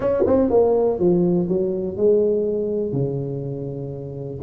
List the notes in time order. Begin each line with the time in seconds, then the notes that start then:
0.00 C#4
0.26 C4
0.50 A#3
0.99 F3
1.48 F#3
1.96 G#3
2.92 C#3